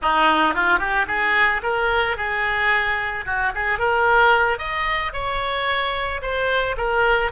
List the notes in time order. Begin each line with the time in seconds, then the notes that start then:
0.02 D#4
0.54 F4
0.78 G4
1.07 G#4
1.62 A#4
2.16 G#4
3.25 F#4
3.55 G#4
3.78 A#4
4.58 D#5
5.13 C#5
6.22 C5
6.77 A#4